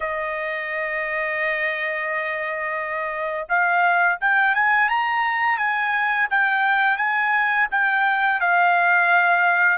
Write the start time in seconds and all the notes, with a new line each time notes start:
0.00 D#5
3.49 F5
4.21 G5
4.54 G#5
4.88 A#5
5.57 G#5
6.30 G5
6.97 G#5
7.71 G5
8.40 F5